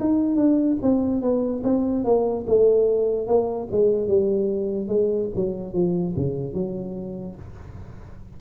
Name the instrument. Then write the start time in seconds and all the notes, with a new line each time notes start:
tuba
0.00 D#4
0.36 D4
0.82 C4
1.21 B3
1.64 C4
2.04 A#3
2.47 A3
3.27 A#3
3.71 G#3
4.08 G3
4.88 G#3
5.35 F#3
5.73 F3
6.16 C#3
6.54 F#3